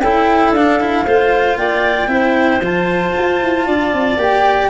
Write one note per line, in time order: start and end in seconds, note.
0.00 0.52 C#4
0.00 0.57 E4
0.00 1.06 A4
0.00 0.53 G5
0.52 1.04 D4
0.52 0.81 D4
0.52 1.58 F5
0.81 1.07 E4
1.06 1.57 A3
1.06 2.08 F4
1.06 1.58 C5
1.57 2.08 A#3
1.57 2.10 D5
1.57 2.62 G5
2.08 2.60 C4
2.08 2.61 E4
2.08 3.66 C5
2.61 3.13 F3
2.61 4.19 F4
2.61 4.21 A5
3.18 3.42 F4
3.42 3.67 E4
3.66 3.93 D4
3.66 4.70 D5
3.94 4.17 C4
4.17 4.69 A#3
4.17 4.70 G4
4.17 4.70 G5